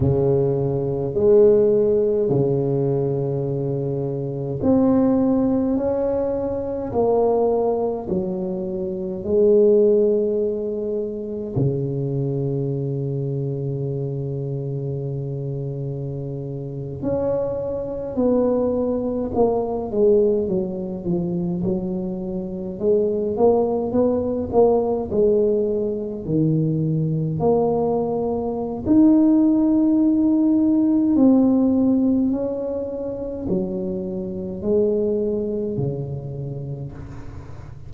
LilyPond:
\new Staff \with { instrumentName = "tuba" } { \time 4/4 \tempo 4 = 52 cis4 gis4 cis2 | c'4 cis'4 ais4 fis4 | gis2 cis2~ | cis2~ cis8. cis'4 b16~ |
b8. ais8 gis8 fis8 f8 fis4 gis16~ | gis16 ais8 b8 ais8 gis4 dis4 ais16~ | ais4 dis'2 c'4 | cis'4 fis4 gis4 cis4 | }